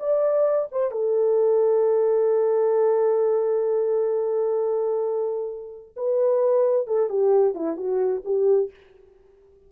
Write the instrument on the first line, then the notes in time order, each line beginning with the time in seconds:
horn
0.00 D5
0.72 C5
0.91 A4
5.96 B4
6.87 A4
7.09 G4
7.55 E4
7.77 F#4
8.25 G4